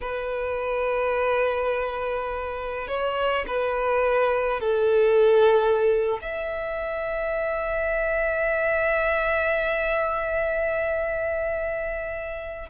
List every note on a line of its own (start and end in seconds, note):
0.01 2.87 B4
2.87 3.45 C#5
3.47 4.60 B4
4.60 6.19 A4
6.21 12.69 E5